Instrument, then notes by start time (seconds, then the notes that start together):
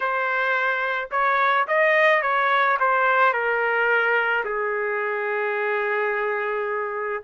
trumpet
0.00 C5
1.11 C#5
1.67 D#5
2.22 C#5
2.79 C5
3.33 A#4
4.44 G#4